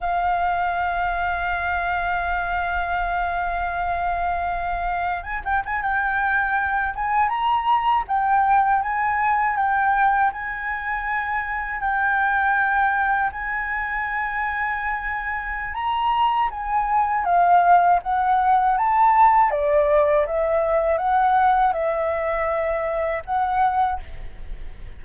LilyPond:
\new Staff \with { instrumentName = "flute" } { \time 4/4 \tempo 4 = 80 f''1~ | f''2. gis''16 g''16 gis''16 g''16~ | g''4~ g''16 gis''8 ais''4 g''4 gis''16~ | gis''8. g''4 gis''2 g''16~ |
g''4.~ g''16 gis''2~ gis''16~ | gis''4 ais''4 gis''4 f''4 | fis''4 a''4 d''4 e''4 | fis''4 e''2 fis''4 | }